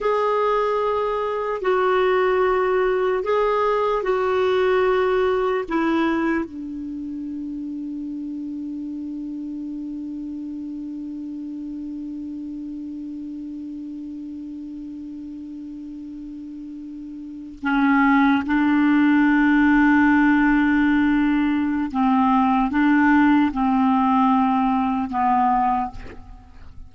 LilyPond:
\new Staff \with { instrumentName = "clarinet" } { \time 4/4 \tempo 4 = 74 gis'2 fis'2 | gis'4 fis'2 e'4 | d'1~ | d'1~ |
d'1~ | d'4.~ d'16 cis'4 d'4~ d'16~ | d'2. c'4 | d'4 c'2 b4 | }